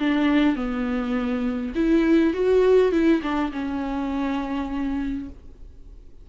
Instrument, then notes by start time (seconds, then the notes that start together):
viola
0.00 D4
0.56 B3
1.76 E4
2.34 F#4
2.92 E4
3.23 D4
3.53 C#4